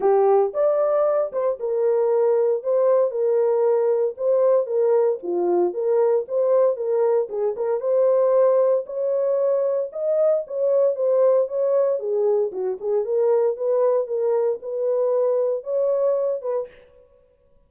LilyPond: \new Staff \with { instrumentName = "horn" } { \time 4/4 \tempo 4 = 115 g'4 d''4. c''8 ais'4~ | ais'4 c''4 ais'2 | c''4 ais'4 f'4 ais'4 | c''4 ais'4 gis'8 ais'8 c''4~ |
c''4 cis''2 dis''4 | cis''4 c''4 cis''4 gis'4 | fis'8 gis'8 ais'4 b'4 ais'4 | b'2 cis''4. b'8 | }